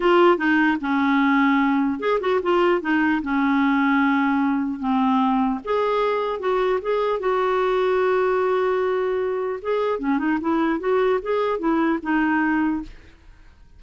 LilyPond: \new Staff \with { instrumentName = "clarinet" } { \time 4/4 \tempo 4 = 150 f'4 dis'4 cis'2~ | cis'4 gis'8 fis'8 f'4 dis'4 | cis'1 | c'2 gis'2 |
fis'4 gis'4 fis'2~ | fis'1 | gis'4 cis'8 dis'8 e'4 fis'4 | gis'4 e'4 dis'2 | }